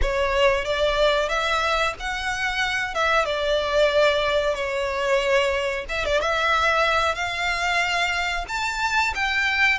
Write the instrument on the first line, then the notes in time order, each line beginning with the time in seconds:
violin
0.01 C#5
0.64 D5
1.28 E5
1.99 F#5
2.94 E5
3.25 D5
4.54 C#5
5.88 E5
6.05 D5
6.20 E5
7.14 F5
8.48 A5
9.14 G5